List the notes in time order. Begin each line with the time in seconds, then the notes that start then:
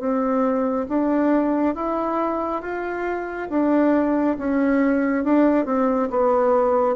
0.00 C4
0.89 D4
1.75 E4
2.62 F4
3.50 D4
4.39 C#4
5.25 D4
5.66 C4
6.11 B3